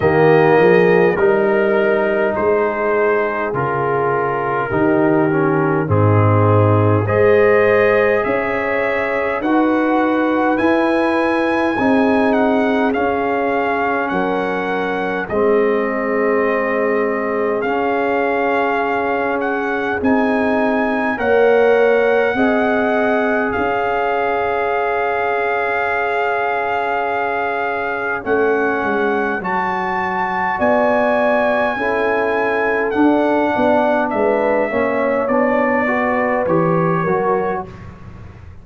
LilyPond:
<<
  \new Staff \with { instrumentName = "trumpet" } { \time 4/4 \tempo 4 = 51 dis''4 ais'4 c''4 ais'4~ | ais'4 gis'4 dis''4 e''4 | fis''4 gis''4. fis''8 f''4 | fis''4 dis''2 f''4~ |
f''8 fis''8 gis''4 fis''2 | f''1 | fis''4 a''4 gis''2 | fis''4 e''4 d''4 cis''4 | }
  \new Staff \with { instrumentName = "horn" } { \time 4/4 g'8 gis'8 ais'4 gis'2 | g'4 dis'4 c''4 cis''4 | b'2 gis'2 | ais'4 gis'2.~ |
gis'2 cis''4 dis''4 | cis''1~ | cis''2 d''4 a'4~ | a'8 d''8 b'8 cis''4 b'4 ais'8 | }
  \new Staff \with { instrumentName = "trombone" } { \time 4/4 ais4 dis'2 f'4 | dis'8 cis'8 c'4 gis'2 | fis'4 e'4 dis'4 cis'4~ | cis'4 c'2 cis'4~ |
cis'4 dis'4 ais'4 gis'4~ | gis'1 | cis'4 fis'2 e'4 | d'4. cis'8 d'8 fis'8 g'8 fis'8 | }
  \new Staff \with { instrumentName = "tuba" } { \time 4/4 dis8 f8 g4 gis4 cis4 | dis4 gis,4 gis4 cis'4 | dis'4 e'4 c'4 cis'4 | fis4 gis2 cis'4~ |
cis'4 c'4 ais4 c'4 | cis'1 | a8 gis8 fis4 b4 cis'4 | d'8 b8 gis8 ais8 b4 e8 fis8 | }
>>